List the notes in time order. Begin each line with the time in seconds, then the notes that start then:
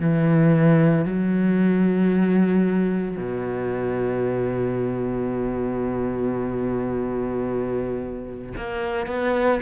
0.00 E3
1.05 F#3
3.17 B2
8.57 A#3
9.07 B3